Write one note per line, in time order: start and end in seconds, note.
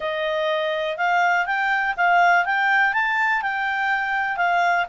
0.00 0.97 D#5
0.97 1.45 F5
1.45 1.94 G5
1.96 2.45 F5
2.45 2.93 G5
2.93 3.42 A5
3.42 4.36 G5
4.36 4.85 F5